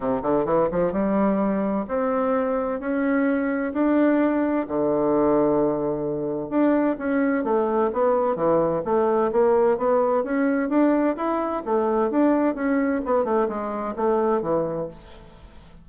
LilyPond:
\new Staff \with { instrumentName = "bassoon" } { \time 4/4 \tempo 4 = 129 c8 d8 e8 f8 g2 | c'2 cis'2 | d'2 d2~ | d2 d'4 cis'4 |
a4 b4 e4 a4 | ais4 b4 cis'4 d'4 | e'4 a4 d'4 cis'4 | b8 a8 gis4 a4 e4 | }